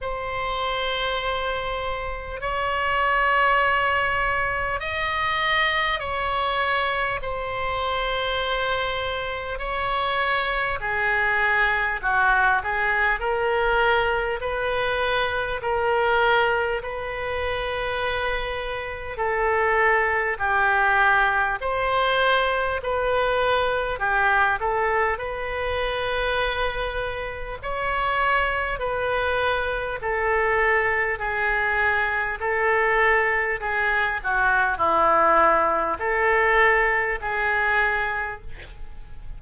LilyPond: \new Staff \with { instrumentName = "oboe" } { \time 4/4 \tempo 4 = 50 c''2 cis''2 | dis''4 cis''4 c''2 | cis''4 gis'4 fis'8 gis'8 ais'4 | b'4 ais'4 b'2 |
a'4 g'4 c''4 b'4 | g'8 a'8 b'2 cis''4 | b'4 a'4 gis'4 a'4 | gis'8 fis'8 e'4 a'4 gis'4 | }